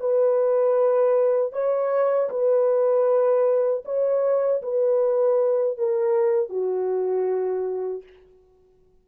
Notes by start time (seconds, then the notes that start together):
0.00 B4
1.53 C#5
2.30 B4
3.85 C#5
4.63 B4
5.78 A#4
6.50 F#4